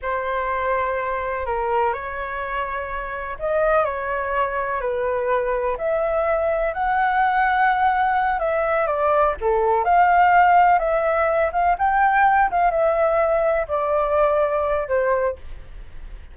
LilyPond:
\new Staff \with { instrumentName = "flute" } { \time 4/4 \tempo 4 = 125 c''2. ais'4 | cis''2. dis''4 | cis''2 b'2 | e''2 fis''2~ |
fis''4. e''4 d''4 a'8~ | a'8 f''2 e''4. | f''8 g''4. f''8 e''4.~ | e''8 d''2~ d''8 c''4 | }